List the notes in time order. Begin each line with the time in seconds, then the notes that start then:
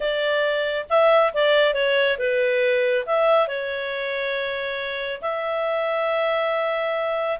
0.00 D5
0.89 E5
1.33 D5
1.74 C#5
2.18 B4
3.06 E5
3.47 C#5
5.21 E5